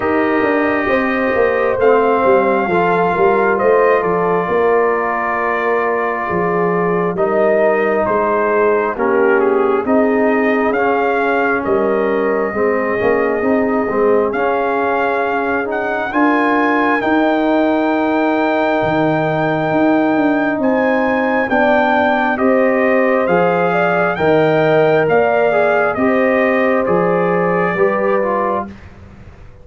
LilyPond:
<<
  \new Staff \with { instrumentName = "trumpet" } { \time 4/4 \tempo 4 = 67 dis''2 f''2 | dis''8 d''2.~ d''8 | dis''4 c''4 ais'8 gis'8 dis''4 | f''4 dis''2. |
f''4. fis''8 gis''4 g''4~ | g''2. gis''4 | g''4 dis''4 f''4 g''4 | f''4 dis''4 d''2 | }
  \new Staff \with { instrumentName = "horn" } { \time 4/4 ais'4 c''2 a'8 ais'8 | c''8 a'8 ais'2 gis'4 | ais'4 gis'4 g'4 gis'4~ | gis'4 ais'4 gis'2~ |
gis'2 ais'2~ | ais'2. c''4 | d''4 c''4. d''8 dis''4 | d''4 c''2 b'4 | }
  \new Staff \with { instrumentName = "trombone" } { \time 4/4 g'2 c'4 f'4~ | f'1 | dis'2 cis'4 dis'4 | cis'2 c'8 cis'8 dis'8 c'8 |
cis'4. dis'8 f'4 dis'4~ | dis'1 | d'4 g'4 gis'4 ais'4~ | ais'8 gis'8 g'4 gis'4 g'8 f'8 | }
  \new Staff \with { instrumentName = "tuba" } { \time 4/4 dis'8 d'8 c'8 ais8 a8 g8 f8 g8 | a8 f8 ais2 f4 | g4 gis4 ais4 c'4 | cis'4 g4 gis8 ais8 c'8 gis8 |
cis'2 d'4 dis'4~ | dis'4 dis4 dis'8 d'8 c'4 | b4 c'4 f4 dis4 | ais4 c'4 f4 g4 | }
>>